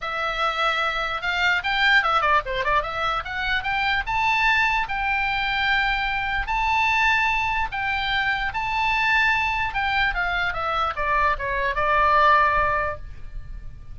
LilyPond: \new Staff \with { instrumentName = "oboe" } { \time 4/4 \tempo 4 = 148 e''2. f''4 | g''4 e''8 d''8 c''8 d''8 e''4 | fis''4 g''4 a''2 | g''1 |
a''2. g''4~ | g''4 a''2. | g''4 f''4 e''4 d''4 | cis''4 d''2. | }